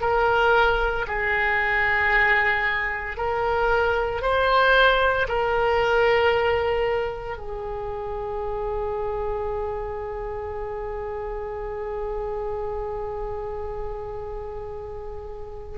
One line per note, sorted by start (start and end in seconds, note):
0.00 1.05 A#4
1.07 3.17 G#4
3.17 4.22 A#4
4.22 5.27 C5
5.28 7.37 A#4
7.37 15.78 G#4